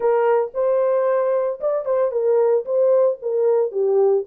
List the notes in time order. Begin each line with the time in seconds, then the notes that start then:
0.00 A#4
0.54 C5
1.60 D5
1.85 C5
2.11 A#4
2.65 C5
3.21 A#4
3.71 G4